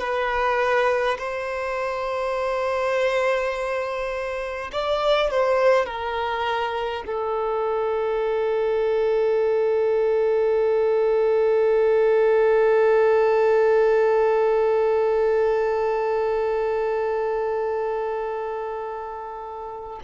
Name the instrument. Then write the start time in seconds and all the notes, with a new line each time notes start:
violin
0.00 B4
1.18 C5
4.72 D5
5.30 C5
5.86 A#4
7.06 A4